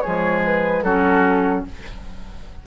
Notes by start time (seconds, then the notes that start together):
0.00 F3 G#3 G#4 C#5
0.44 B4
0.82 F#3 C#4 F#4 A4